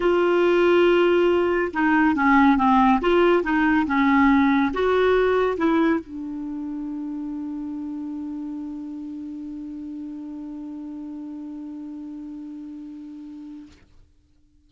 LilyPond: \new Staff \with { instrumentName = "clarinet" } { \time 4/4 \tempo 4 = 140 f'1 | dis'4 cis'4 c'4 f'4 | dis'4 cis'2 fis'4~ | fis'4 e'4 d'2~ |
d'1~ | d'1~ | d'1~ | d'1 | }